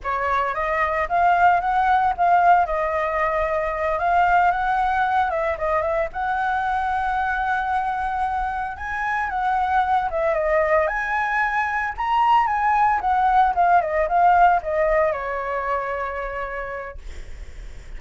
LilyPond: \new Staff \with { instrumentName = "flute" } { \time 4/4 \tempo 4 = 113 cis''4 dis''4 f''4 fis''4 | f''4 dis''2~ dis''8 f''8~ | f''8 fis''4. e''8 dis''8 e''8 fis''8~ | fis''1~ |
fis''8 gis''4 fis''4. e''8 dis''8~ | dis''8 gis''2 ais''4 gis''8~ | gis''8 fis''4 f''8 dis''8 f''4 dis''8~ | dis''8 cis''2.~ cis''8 | }